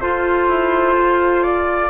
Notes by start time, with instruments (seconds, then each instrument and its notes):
0.00 clarinet F4, bassoon F4, oboe A4, flute C5
0.49 bassoon E4
0.95 bassoon F4
1.43 flute D5